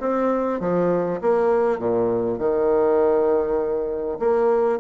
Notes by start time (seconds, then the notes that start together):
0.00 C4
0.60 F3
1.21 A#3
1.79 A#2
2.38 D#3
4.19 A#3